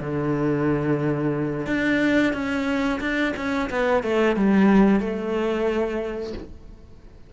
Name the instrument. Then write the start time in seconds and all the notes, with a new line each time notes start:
cello
0.00 D3
1.66 D4
2.33 C#4
3.00 D4
3.36 C#4
3.69 B3
4.03 A3
4.35 G3
5.00 A3